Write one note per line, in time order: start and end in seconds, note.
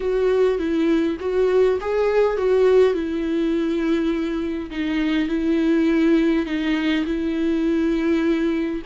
0.00 0.58 F#4
0.58 1.17 E4
1.20 1.78 F#4
1.80 2.37 G#4
2.37 2.93 F#4
2.93 4.70 E4
4.70 5.28 D#4
5.28 6.45 E4
6.45 7.04 D#4
7.05 8.82 E4